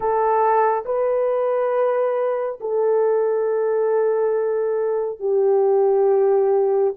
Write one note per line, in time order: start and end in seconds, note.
0.00 0.84 A4
0.85 2.59 B4
2.60 5.19 A4
5.19 6.93 G4